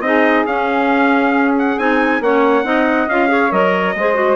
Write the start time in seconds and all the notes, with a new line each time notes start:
0.00 C4 D#4 G#4 D#5
0.46 C#4 F5
1.58 F#5
1.78 C4 D#4 G#5
2.20 A#3 C#4 C#5 F#5
2.63 C4 D#4 D#5
3.08 C#4 F4 F5
3.27 G#4 C#5
3.51 F#3 A#4 D#5
3.94 G#3 G#4 C5
4.14 F#4